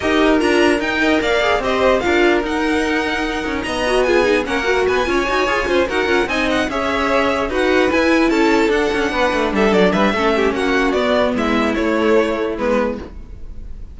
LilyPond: <<
  \new Staff \with { instrumentName = "violin" } { \time 4/4 \tempo 4 = 148 dis''4 ais''4 g''4 f''4 | dis''4 f''4 fis''2~ | fis''4 ais''4 gis''4 fis''4 | gis''2~ gis''8 fis''4 gis''8 |
fis''8 e''2 fis''4 gis''8~ | gis''8 a''4 fis''2 e''8 | d''8 e''4. fis''4 d''4 | e''4 cis''2 b'4 | }
  \new Staff \with { instrumentName = "violin" } { \time 4/4 ais'2~ ais'8 dis''8 d''4 | c''4 ais'2.~ | ais'4 dis''4 gis'4 ais'4 | b'8 cis''4. c''8 ais'4 dis''8~ |
dis''8 cis''2 b'4.~ | b'8 a'2 b'4 a'8~ | a'8 b'8 a'8 g'8 fis'2 | e'1 | }
  \new Staff \with { instrumentName = "viola" } { \time 4/4 g'4 f'4 dis'8 ais'4 gis'8 | g'4 f'4 dis'2~ | dis'4. fis'8 f'8 dis'8 cis'8 fis'8~ | fis'8 f'8 fis'8 gis'8 f'8 fis'8 f'8 dis'8~ |
dis'8 gis'2 fis'4 e'8~ | e'4. d'2~ d'8~ | d'4 cis'2 b4~ | b4 a2 b4 | }
  \new Staff \with { instrumentName = "cello" } { \time 4/4 dis'4 d'4 dis'4 ais4 | c'4 d'4 dis'2~ | dis'8 cis'8 b2 ais4 | b8 cis'8 dis'8 f'8 cis'8 dis'8 cis'8 c'8~ |
c'8 cis'2 dis'4 e'8~ | e'8 cis'4 d'8 cis'8 b8 a8 g8 | fis8 g8 a4 ais4 b4 | gis4 a2 gis4 | }
>>